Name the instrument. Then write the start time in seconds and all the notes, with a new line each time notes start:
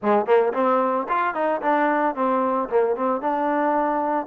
trombone
0.02 G#3
0.26 A#3
0.53 C4
1.09 F4
1.34 D#4
1.61 D4
2.15 C4
2.69 A#3
2.96 C4
3.21 D4